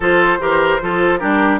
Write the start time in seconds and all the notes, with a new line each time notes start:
0.00 F3 F4 A4 C5
0.39 E3 G4 A#4
0.80 F3 F4 A4
1.18 G3 D4 G4 A#4